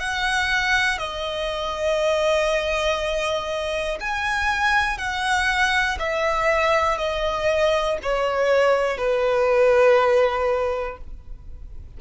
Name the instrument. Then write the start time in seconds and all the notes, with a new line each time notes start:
violin
0.00 F#5
0.98 D#5
4.00 G#5
4.98 F#5
6.00 E5
6.98 D#5
8.03 C#5
8.97 B4